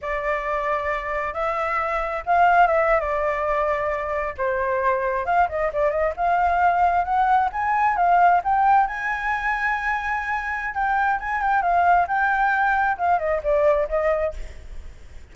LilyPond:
\new Staff \with { instrumentName = "flute" } { \time 4/4 \tempo 4 = 134 d''2. e''4~ | e''4 f''4 e''8. d''4~ d''16~ | d''4.~ d''16 c''2 f''16~ | f''16 dis''8 d''8 dis''8 f''2 fis''16~ |
fis''8. gis''4 f''4 g''4 gis''16~ | gis''1 | g''4 gis''8 g''8 f''4 g''4~ | g''4 f''8 dis''8 d''4 dis''4 | }